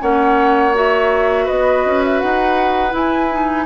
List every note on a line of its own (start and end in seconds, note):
0.00 1.49 A#3
0.00 0.73 C#4
0.00 1.45 C#5
0.00 0.75 F#5
0.74 2.91 F#4
0.74 1.48 E5
1.45 1.86 B3
1.45 3.64 B4
1.45 2.03 D#5
1.86 2.22 C#4
2.05 2.21 E5
2.21 2.93 D#4
2.21 2.94 F#5
2.91 3.28 E4
2.91 3.67 E4
2.91 3.67 G#5
3.32 3.67 D#4